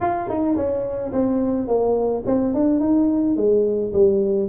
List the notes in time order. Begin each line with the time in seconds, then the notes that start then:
0.00 F4
0.29 D#4
0.56 C#4
1.12 C4
1.67 A#3
2.26 C4
2.54 D4
2.80 D#4
3.36 G#3
3.93 G3